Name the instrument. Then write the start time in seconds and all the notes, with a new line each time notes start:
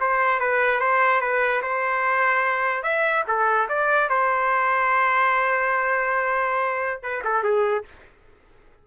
trumpet
0.00 C5
0.40 B4
0.80 C5
1.21 B4
1.62 C5
2.83 E5
3.27 A4
3.68 D5
4.09 C5
7.02 B4
7.24 A4
7.43 G#4